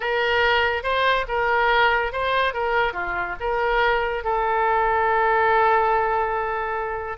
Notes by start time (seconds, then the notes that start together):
0.00 A#4
0.83 C5
1.28 A#4
2.12 C5
2.53 A#4
2.93 F4
3.39 A#4
4.24 A4